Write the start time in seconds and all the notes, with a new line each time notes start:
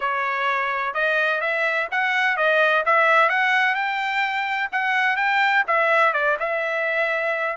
0.00 C#5
0.93 D#5
1.40 E5
1.91 F#5
2.36 D#5
2.85 E5
3.29 F#5
3.74 G5
4.72 F#5
5.16 G5
5.67 E5
6.13 D5
6.39 E5